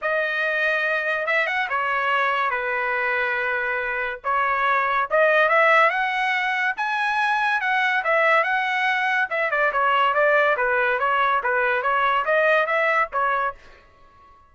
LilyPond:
\new Staff \with { instrumentName = "trumpet" } { \time 4/4 \tempo 4 = 142 dis''2. e''8 fis''8 | cis''2 b'2~ | b'2 cis''2 | dis''4 e''4 fis''2 |
gis''2 fis''4 e''4 | fis''2 e''8 d''8 cis''4 | d''4 b'4 cis''4 b'4 | cis''4 dis''4 e''4 cis''4 | }